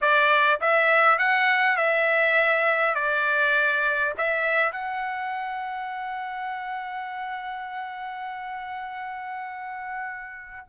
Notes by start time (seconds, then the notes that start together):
0.01 D5
0.60 E5
1.18 F#5
1.76 E5
2.94 D5
4.17 E5
4.72 F#5